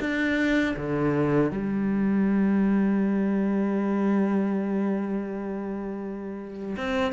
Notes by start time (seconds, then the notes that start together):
0.00 D4
0.76 D3
1.51 G3
6.77 C4